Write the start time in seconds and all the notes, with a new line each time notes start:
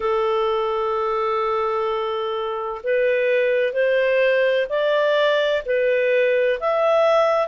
0.00 A4
2.83 B4
3.72 C5
4.69 D5
5.65 B4
6.60 E5